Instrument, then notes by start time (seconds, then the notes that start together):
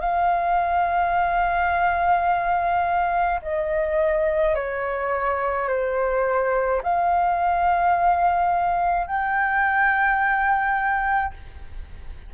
flute
0.00 F5
3.42 D#5
4.55 C#5
5.68 C5
6.83 F5
9.07 G5